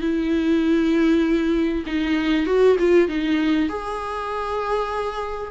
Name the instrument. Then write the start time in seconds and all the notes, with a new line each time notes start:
viola
0.00 E4
1.86 D#4
2.46 F#4
2.78 F4
3.08 D#4
3.69 G#4